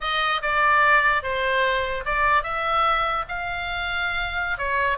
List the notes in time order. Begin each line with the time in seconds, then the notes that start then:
0.00 D#5
0.42 D5
1.22 C5
2.05 D5
2.43 E5
3.28 F5
4.58 C#5